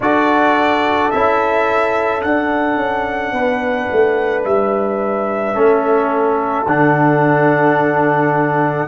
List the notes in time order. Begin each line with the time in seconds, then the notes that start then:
0.00 D4 F#4 A4 D5
1.10 C#4 E4 E5
2.22 D4 F#5
2.76 C#4
3.31 B3 B4
3.91 A3
4.44 G3 E5
5.54 A3 C#4 A4
6.66 D3 D4 F#5